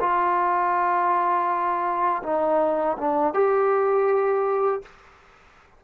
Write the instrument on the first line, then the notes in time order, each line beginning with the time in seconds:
trombone
0.00 F4
2.23 D#4
2.98 D4
3.34 G4